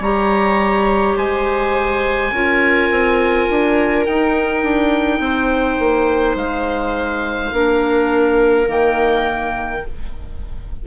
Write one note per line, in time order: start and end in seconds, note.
0.00 1.15 G3
0.00 2.33 G4
0.00 1.16 C#5
0.00 1.18 A#5
1.16 2.32 G#3
1.16 2.31 C5
1.16 4.06 G#5
2.32 2.89 C#4
2.32 4.07 F4
2.32 5.21 A#4
2.90 3.48 C4
3.50 4.07 D4
4.06 4.63 D#4
4.06 7.53 D#4
4.06 6.36 G5
4.63 5.20 D4
5.20 5.77 C4
5.20 7.54 C5
5.79 6.35 A#3
6.35 7.51 G#3
6.35 8.68 F5
7.52 8.67 A#3
7.52 8.65 D4
7.52 9.85 A#4
8.65 9.82 D#3
8.65 9.80 A#3
8.71 9.86 G5